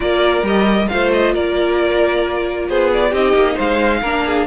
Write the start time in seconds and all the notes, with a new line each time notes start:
0.00 A#3 F4 A#4 D5
0.42 G3 G4 D#5
0.88 A3 F4 C5 F5
1.12 D#5
1.33 A#3 A#4 D5
2.68 B3 G#4 C5
2.93 D5
3.11 C4 D#4 G4 D#5
3.33 A#3
3.54 G#3 C5 F5
4.01 A#3 D4 A#4
4.26 G#4